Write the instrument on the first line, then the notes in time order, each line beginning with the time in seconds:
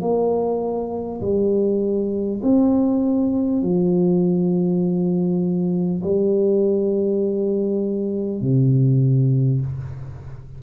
tuba
0.00 A#3
1.21 G3
2.42 C4
3.62 F3
6.03 G3
8.41 C3